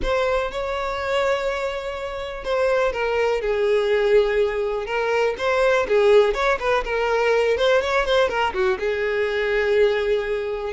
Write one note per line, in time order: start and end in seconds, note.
0.02 0.51 C5
0.51 2.44 C#5
2.44 2.92 C5
2.92 3.41 A#4
3.41 4.86 G#4
4.86 5.34 A#4
5.38 5.86 C5
5.88 6.33 G#4
6.33 6.58 C#5
6.59 6.84 B4
6.84 7.57 A#4
7.57 7.81 C5
7.81 8.05 C#5
8.05 8.28 C5
8.28 8.53 A#4
8.53 8.78 F#4
8.79 10.73 G#4